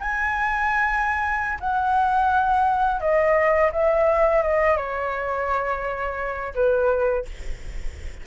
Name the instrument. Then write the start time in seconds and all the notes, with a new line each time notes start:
flute
0.00 G#5
1.60 F#5
3.00 D#5
3.72 E5
4.42 D#5
4.77 C#5
6.55 B4